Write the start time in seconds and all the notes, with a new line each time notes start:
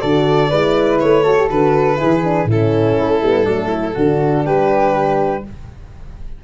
0.00 D3 F#4 A4 D5
0.50 G#3 E4 B4
0.99 A3 C#5
1.23 F#4 A4
1.37 G4
1.49 D3 F#4 B4
1.96 E4 G#4
2.03 E3
2.24 D4
2.45 A2 C#4 E4
2.51 A4
2.99 A3
3.22 G3 B3
3.45 F#3 A3 D4
3.68 E4
3.94 D3 D4 F#4
4.45 G3 G4 B4